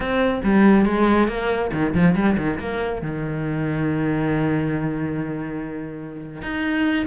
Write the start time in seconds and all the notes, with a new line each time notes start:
0.00 C4
0.43 G3
0.85 G#3
1.27 A#3
1.72 D#3
1.94 F3
2.15 G3
2.37 D#3
2.59 A#3
3.02 D#3
6.41 D#4